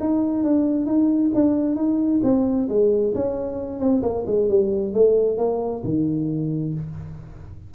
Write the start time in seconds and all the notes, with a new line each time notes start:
0.00 D#4
0.44 D4
0.86 D#4
1.35 D4
1.76 D#4
2.24 C4
2.69 G#3
3.15 C#4
3.80 C4
4.03 A#3
4.27 G#3
4.49 G3
4.94 A3
5.38 A#3
5.84 D#3